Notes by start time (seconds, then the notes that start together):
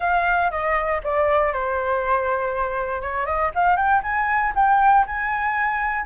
0.00 F5
0.50 D#5
1.03 D5
1.52 C5
3.01 C#5
3.25 D#5
3.54 F5
3.76 G5
4.02 G#5
4.55 G5
5.06 G#5